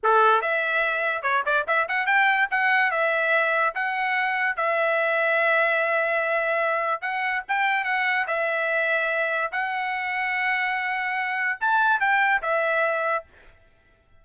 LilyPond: \new Staff \with { instrumentName = "trumpet" } { \time 4/4 \tempo 4 = 145 a'4 e''2 cis''8 d''8 | e''8 fis''8 g''4 fis''4 e''4~ | e''4 fis''2 e''4~ | e''1~ |
e''4 fis''4 g''4 fis''4 | e''2. fis''4~ | fis''1 | a''4 g''4 e''2 | }